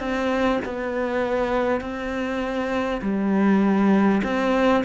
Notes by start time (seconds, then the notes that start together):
0.00 C4
0.65 B3
1.81 C4
3.02 G3
4.24 C4